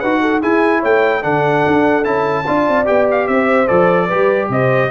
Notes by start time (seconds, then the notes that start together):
0.00 D#4 F#4 B4 F#5
0.22 A4
0.41 E4 G#4 G#5
0.80 A3 C#5 G5
1.22 D3 D4 A4 F#5
1.68 D4
2.04 C#4 E4 A5
2.47 D4 F4 D5
2.69 C4
2.85 B3 G4 G5
3.11 F5
3.28 C4 C5 E5
3.68 F3 A4 D5
4.07 G3 G4 B4
4.49 C3 C5 D#5